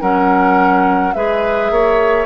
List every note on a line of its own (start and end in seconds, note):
0.00 1.14 F#3
0.00 1.13 C#4
0.00 1.14 A#4
0.00 1.13 F#5
1.13 1.70 G#3
1.13 2.25 G#4
1.13 1.72 B4
1.13 2.25 E5
1.70 2.25 A#3
1.70 2.25 C#5